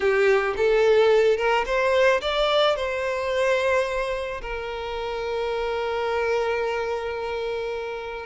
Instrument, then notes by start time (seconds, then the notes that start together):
violin
0.00 G4
0.57 A4
1.37 A#4
1.65 C5
2.21 D5
2.75 C5
4.41 A#4